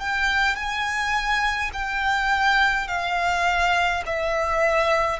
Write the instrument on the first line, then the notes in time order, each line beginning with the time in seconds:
violin
0.00 G5
0.56 G#5
1.74 G5
2.88 F5
4.06 E5